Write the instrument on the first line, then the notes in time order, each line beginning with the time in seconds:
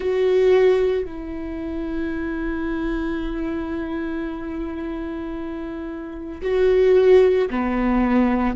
viola
0.00 F#4
1.05 E4
6.41 F#4
7.50 B3